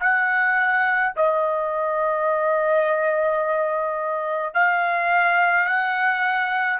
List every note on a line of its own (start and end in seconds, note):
0.00 1.13 F#5
1.16 4.54 D#5
4.54 5.66 F5
5.66 6.79 F#5